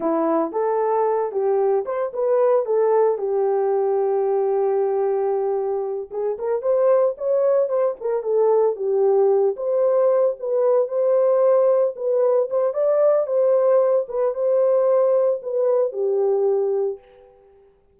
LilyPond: \new Staff \with { instrumentName = "horn" } { \time 4/4 \tempo 4 = 113 e'4 a'4. g'4 c''8 | b'4 a'4 g'2~ | g'2.~ g'8 gis'8 | ais'8 c''4 cis''4 c''8 ais'8 a'8~ |
a'8 g'4. c''4. b'8~ | b'8 c''2 b'4 c''8 | d''4 c''4. b'8 c''4~ | c''4 b'4 g'2 | }